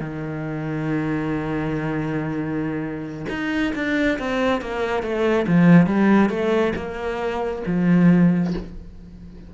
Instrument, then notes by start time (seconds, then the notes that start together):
cello
0.00 D#3
3.29 D#4
3.75 D4
4.19 C4
4.61 A#3
5.03 A3
5.47 F3
5.87 G3
6.30 A3
6.75 A#3
7.66 F3